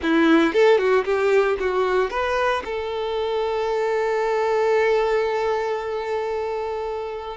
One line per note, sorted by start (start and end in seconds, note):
0.02 0.53 E4
0.53 0.78 A4
0.78 1.04 F#4
1.04 1.57 G4
1.59 2.10 F#4
2.10 2.62 B4
2.64 7.37 A4